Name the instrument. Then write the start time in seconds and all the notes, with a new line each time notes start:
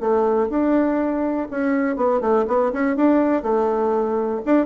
bassoon
0.00 A3
0.49 D4
1.50 C#4
1.96 B3
2.20 A3
2.47 B3
2.73 C#4
2.96 D4
3.42 A3
4.45 D4